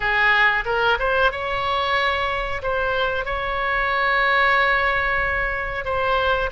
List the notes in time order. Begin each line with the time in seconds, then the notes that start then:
0.00 G#4
0.65 A#4
0.99 C5
1.31 C#5
2.62 C5
3.25 C#5
5.84 C5